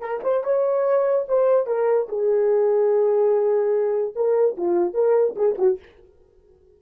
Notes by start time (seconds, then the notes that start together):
0.00 A#4
0.23 C5
0.44 C#5
1.28 C5
1.67 A#4
2.08 G#4
4.15 A#4
4.57 F4
4.94 A#4
5.36 G#4
5.58 F#4